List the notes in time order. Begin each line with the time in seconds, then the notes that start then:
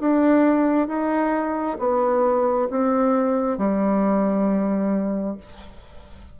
0.00 D4
0.88 D#4
1.79 B3
2.70 C4
3.58 G3